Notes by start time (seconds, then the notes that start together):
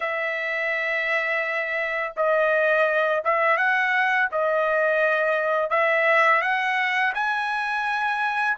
0.00 E5
2.16 D#5
3.24 E5
3.57 F#5
4.31 D#5
5.70 E5
6.41 F#5
7.14 G#5